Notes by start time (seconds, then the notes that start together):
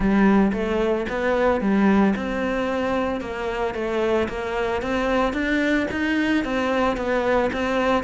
0.00 G3
0.52 A3
1.09 B3
1.60 G3
2.16 C4
3.20 A#3
3.74 A3
4.28 A#3
4.81 C4
5.33 D4
5.91 D#4
6.44 C4
6.96 B3
7.52 C4